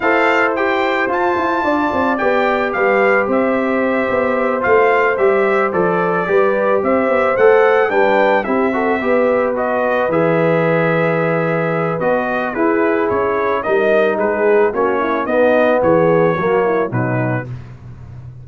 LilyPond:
<<
  \new Staff \with { instrumentName = "trumpet" } { \time 4/4 \tempo 4 = 110 f''4 g''4 a''2 | g''4 f''4 e''2~ | e''8 f''4 e''4 d''4.~ | d''8 e''4 fis''4 g''4 e''8~ |
e''4. dis''4 e''4.~ | e''2 dis''4 b'4 | cis''4 dis''4 b'4 cis''4 | dis''4 cis''2 b'4 | }
  \new Staff \with { instrumentName = "horn" } { \time 4/4 c''2. d''4~ | d''4 b'4 c''2~ | c''2.~ c''8 b'8~ | b'8 c''2 b'4 g'8 |
a'8 b'2.~ b'8~ | b'2. gis'4~ | gis'4 ais'4 gis'4 fis'8 e'8 | dis'4 gis'4 fis'8 e'8 dis'4 | }
  \new Staff \with { instrumentName = "trombone" } { \time 4/4 a'4 g'4 f'2 | g'1~ | g'8 f'4 g'4 a'4 g'8~ | g'4. a'4 d'4 e'8 |
fis'8 g'4 fis'4 gis'4.~ | gis'2 fis'4 e'4~ | e'4 dis'2 cis'4 | b2 ais4 fis4 | }
  \new Staff \with { instrumentName = "tuba" } { \time 4/4 e'2 f'8 e'8 d'8 c'8 | b4 g4 c'4. b8~ | b8 a4 g4 f4 g8~ | g8 c'8 b8 a4 g4 c'8~ |
c'8 b2 e4.~ | e2 b4 e'4 | cis'4 g4 gis4 ais4 | b4 e4 fis4 b,4 | }
>>